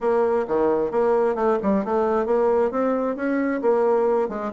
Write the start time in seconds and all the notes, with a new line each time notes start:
0.01 A#3
0.47 D#3
0.91 A#3
1.35 A3
1.62 G3
1.84 A3
2.26 A#3
2.71 C4
3.16 C#4
3.61 A#3
4.29 G#3